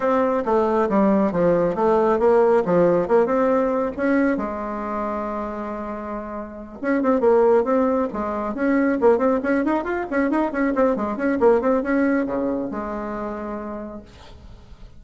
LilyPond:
\new Staff \with { instrumentName = "bassoon" } { \time 4/4 \tempo 4 = 137 c'4 a4 g4 f4 | a4 ais4 f4 ais8 c'8~ | c'4 cis'4 gis2~ | gis2.~ gis8 cis'8 |
c'8 ais4 c'4 gis4 cis'8~ | cis'8 ais8 c'8 cis'8 dis'8 f'8 cis'8 dis'8 | cis'8 c'8 gis8 cis'8 ais8 c'8 cis'4 | cis4 gis2. | }